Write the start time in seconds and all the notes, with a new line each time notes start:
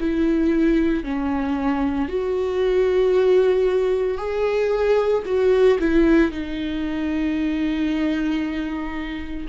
0.00 E4
1.03 C#4
2.08 F#4
4.18 G#4
5.25 F#4
5.79 E4
6.31 D#4